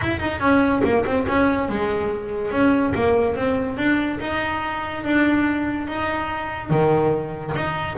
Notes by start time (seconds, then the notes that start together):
0.01 E4
0.19 D#4
0.39 C#4
0.84 A#3
1.05 C4
1.27 C#4
1.68 G#3
2.51 C#4
2.94 A#3
3.35 C4
3.77 D4
4.20 D#4
5.03 D4
5.87 D#4
6.70 D#3
7.55 D#4